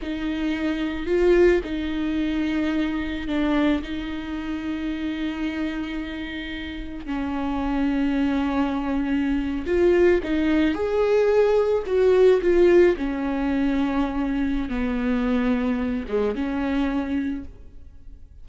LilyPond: \new Staff \with { instrumentName = "viola" } { \time 4/4 \tempo 4 = 110 dis'2 f'4 dis'4~ | dis'2 d'4 dis'4~ | dis'1~ | dis'4 cis'2.~ |
cis'4.~ cis'16 f'4 dis'4 gis'16~ | gis'4.~ gis'16 fis'4 f'4 cis'16~ | cis'2. b4~ | b4. gis8 cis'2 | }